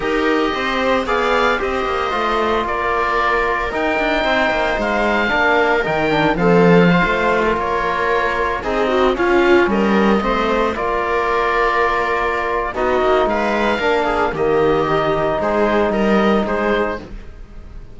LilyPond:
<<
  \new Staff \with { instrumentName = "oboe" } { \time 4/4 \tempo 4 = 113 dis''2 f''4 dis''4~ | dis''4 d''2 g''4~ | g''4 f''2 g''4 | f''2~ f''16 cis''4.~ cis''16~ |
cis''16 dis''4 f''4 dis''4.~ dis''16~ | dis''16 d''2.~ d''8. | dis''4 f''2 dis''4~ | dis''4 c''4 dis''4 c''4 | }
  \new Staff \with { instrumentName = "viola" } { \time 4/4 ais'4 c''4 d''4 c''4~ | c''4 ais'2. | c''2 ais'2 | a'4 c''4 ais'2~ |
ais'16 gis'8 fis'8 f'4 ais'4 c''8.~ | c''16 ais'2.~ ais'8. | fis'4 b'4 ais'8 gis'8 g'4~ | g'4 gis'4 ais'4 gis'4 | }
  \new Staff \with { instrumentName = "trombone" } { \time 4/4 g'2 gis'4 g'4 | f'2. dis'4~ | dis'2 d'4 dis'8 d'8 | c'4 f'2.~ |
f'16 dis'4 cis'2 c'8.~ | c'16 f'2.~ f'8. | dis'2 d'4 ais4 | dis'1 | }
  \new Staff \with { instrumentName = "cello" } { \time 4/4 dis'4 c'4 b4 c'8 ais8 | a4 ais2 dis'8 d'8 | c'8 ais8 gis4 ais4 dis4 | f4~ f16 a4 ais4.~ ais16~ |
ais16 c'4 cis'4 g4 a8.~ | a16 ais2.~ ais8. | b8 ais8 gis4 ais4 dis4~ | dis4 gis4 g4 gis4 | }
>>